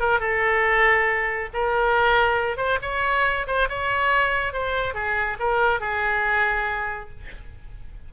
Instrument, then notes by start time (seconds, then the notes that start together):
oboe
0.00 A#4
0.20 A4
1.54 A#4
2.57 C5
2.82 C#5
3.47 C5
3.69 C#5
4.53 C5
4.94 G#4
5.40 A#4
5.81 G#4